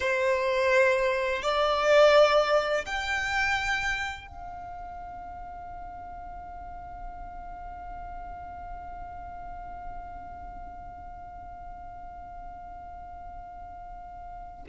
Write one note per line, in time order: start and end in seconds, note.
0.00 1.42 C5
1.42 2.85 D5
2.85 4.27 G5
4.27 14.63 F5